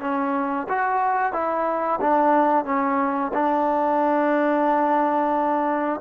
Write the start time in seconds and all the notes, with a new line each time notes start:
0.00 C#4
0.68 F#4
1.32 E4
2.00 D4
2.65 C#4
3.33 D4